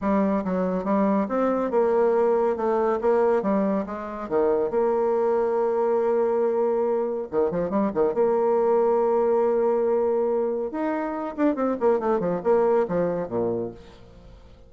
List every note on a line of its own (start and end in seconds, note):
0.01 0.44 G3
0.44 0.84 F#3
0.84 1.27 G3
1.28 1.70 C4
1.70 2.56 A#3
2.56 2.99 A3
3.01 3.42 A#3
3.42 3.85 G3
3.86 4.28 G#3
4.28 4.70 D#3
4.70 7.27 A#3
7.31 7.51 D#3
7.51 7.69 F3
7.69 7.91 G3
7.94 8.14 D#3
8.14 10.71 A#3
10.71 11.35 D#4
11.36 11.55 D4
11.55 11.76 C4
11.80 11.99 A#3
11.99 12.19 A3
12.19 12.41 F3
12.43 12.86 A#3
12.87 13.28 F3
13.28 13.70 A#2